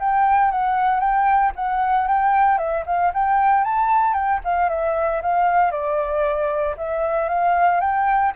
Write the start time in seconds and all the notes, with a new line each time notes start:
0.00 G5
0.52 F#5
1.00 G5
1.56 F#5
2.08 G5
2.58 E5
2.86 F5
3.14 G5
3.65 A5
4.14 G5
4.45 F5
4.70 E5
5.22 F5
5.72 D5
6.78 E5
7.29 F5
7.81 G5